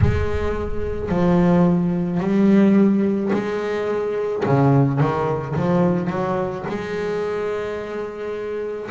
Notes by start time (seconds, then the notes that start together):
0.01 G#3
1.09 F3
2.20 G3
3.33 G#3
4.45 C#3
5.00 D#3
5.56 F3
6.10 F#3
6.68 G#3